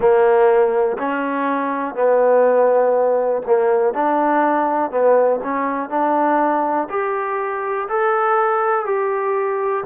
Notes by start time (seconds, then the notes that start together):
0.00 A#3
0.98 C#4
1.94 B3
3.46 A#3
3.93 D4
4.90 B3
5.43 C#4
5.89 D4
6.89 G4
7.89 A4
8.85 G4